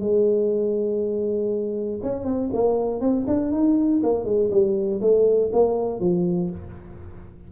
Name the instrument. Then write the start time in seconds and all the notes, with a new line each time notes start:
tuba
0.00 G#3
2.02 C#4
2.25 C4
2.53 A#3
3.00 C4
3.27 D4
3.52 D#4
4.03 A#3
4.25 G#3
4.50 G3
5.01 A3
5.53 A#3
6.00 F3